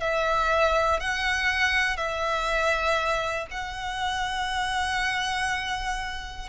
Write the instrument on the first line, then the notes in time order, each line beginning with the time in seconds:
violin
0.00 E5
1.00 F#5
1.97 E5
3.50 F#5